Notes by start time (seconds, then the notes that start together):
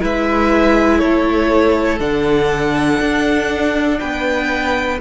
0.00 G#3 E4 B4 E5
0.98 A3 A4 C#5
1.99 D3 D4 F#5
3.00 D4
3.99 B3 B4 G5